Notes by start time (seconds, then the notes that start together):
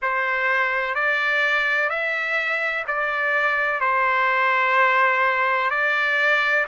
0.02 C5
0.94 D5
1.89 E5
2.87 D5
3.80 C5
5.70 D5